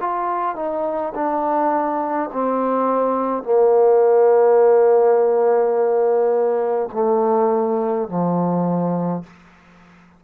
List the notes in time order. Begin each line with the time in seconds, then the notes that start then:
0.00 F4
0.55 D#4
1.14 D4
2.32 C4
3.43 A#3
6.92 A3
8.08 F3